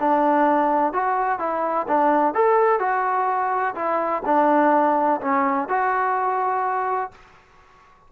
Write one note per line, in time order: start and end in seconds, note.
0.00 0.93 D4
0.93 1.39 F#4
1.39 1.87 E4
1.88 2.34 D4
2.34 2.80 A4
2.80 3.75 F#4
3.75 4.23 E4
4.26 5.21 D4
5.21 5.69 C#4
5.69 7.11 F#4